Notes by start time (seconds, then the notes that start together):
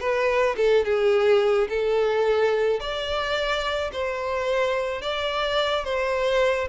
0.00 B4
0.57 A4
0.85 G#4
1.69 A4
2.80 D5
3.92 C5
5.02 D5
5.85 C5